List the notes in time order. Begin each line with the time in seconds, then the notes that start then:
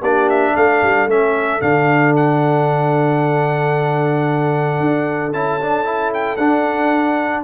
0.00 A#3 D4 G4 D5
0.29 E5
0.55 A3 A4 F5
0.82 G3
1.07 A3 C#4 E5
1.61 D3 D4 F5
2.16 F#5
4.80 D4
5.33 C#4 E4 A5
5.61 D4
5.84 E4
6.14 G5
6.37 D4 F#5